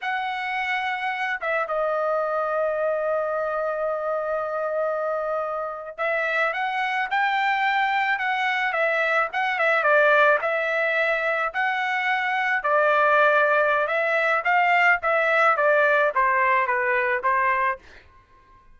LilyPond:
\new Staff \with { instrumentName = "trumpet" } { \time 4/4 \tempo 4 = 108 fis''2~ fis''8 e''8 dis''4~ | dis''1~ | dis''2~ dis''8. e''4 fis''16~ | fis''8. g''2 fis''4 e''16~ |
e''8. fis''8 e''8 d''4 e''4~ e''16~ | e''8. fis''2 d''4~ d''16~ | d''4 e''4 f''4 e''4 | d''4 c''4 b'4 c''4 | }